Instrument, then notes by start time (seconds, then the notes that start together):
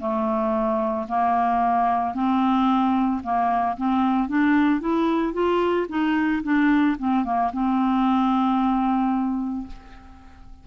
clarinet
0.00 A3
1.09 A#3
2.15 C4
3.23 A#3
3.77 C4
4.29 D4
4.81 E4
5.34 F4
5.89 D#4
6.44 D4
6.99 C4
7.25 A#3
7.53 C4